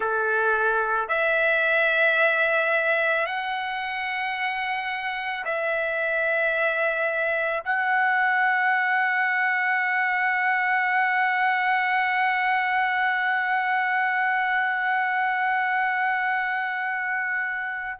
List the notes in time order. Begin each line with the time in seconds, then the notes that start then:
0.00 A4
1.08 E5
3.26 F#5
5.44 E5
7.64 F#5